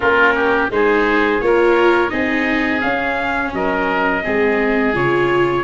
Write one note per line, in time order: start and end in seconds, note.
0.00 0.70 A#3
0.00 0.70 C#4
0.00 0.33 F4
0.00 0.70 A#4
0.35 0.70 G4
0.70 1.40 G#3
0.70 1.41 D#4
0.70 1.44 G#4
0.70 1.40 C5
1.40 2.11 A#3
1.40 2.09 F4
1.40 2.11 A#4
1.40 2.09 C#5
2.09 2.83 C4
2.09 2.80 D#4
2.09 3.52 G#4
2.09 2.80 D#5
2.80 4.21 C#4
2.80 3.53 C#4
2.80 3.51 F5
3.53 4.24 F#3
3.53 4.23 A#4
3.53 4.95 D#5
4.23 4.95 G#3
4.23 4.93 C4
4.23 5.63 G#4
4.93 5.63 C#3
4.93 5.63 F4
4.93 5.63 C#5